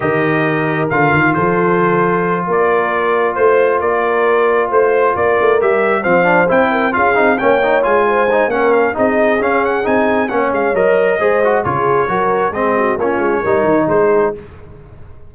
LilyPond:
<<
  \new Staff \with { instrumentName = "trumpet" } { \time 4/4 \tempo 4 = 134 dis''2 f''4 c''4~ | c''4. d''2 c''8~ | c''8 d''2 c''4 d''8~ | d''8 e''4 f''4 g''4 f''8~ |
f''8 g''4 gis''4. fis''8 f''8 | dis''4 f''8 fis''8 gis''4 fis''8 f''8 | dis''2 cis''2 | dis''4 cis''2 c''4 | }
  \new Staff \with { instrumentName = "horn" } { \time 4/4 ais'2. a'4~ | a'4. ais'2 c''8~ | c''8 ais'2 c''4 ais'8~ | ais'4. c''4. ais'8 gis'8~ |
gis'8 cis''4. c''4 ais'4 | gis'2. cis''4~ | cis''4 c''4 gis'4 ais'4 | gis'8 fis'8 f'4 ais'4 gis'4 | }
  \new Staff \with { instrumentName = "trombone" } { \time 4/4 g'2 f'2~ | f'1~ | f'1~ | f'8 g'4 c'8 d'8 e'4 f'8 |
dis'8 cis'8 dis'8 f'4 dis'8 cis'4 | dis'4 cis'4 dis'4 cis'4 | ais'4 gis'8 fis'8 f'4 fis'4 | c'4 cis'4 dis'2 | }
  \new Staff \with { instrumentName = "tuba" } { \time 4/4 dis2 d8 dis8 f4~ | f4. ais2 a8~ | a8 ais2 a4 ais8 | a8 g4 f4 c'4 cis'8 |
c'8 ais4 gis4. ais4 | c'4 cis'4 c'4 ais8 gis8 | fis4 gis4 cis4 fis4 | gis4 ais8 gis8 g8 dis8 gis4 | }
>>